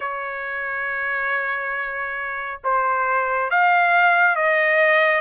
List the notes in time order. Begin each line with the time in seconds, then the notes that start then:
0.00 C#5
2.63 C5
3.50 F5
4.35 D#5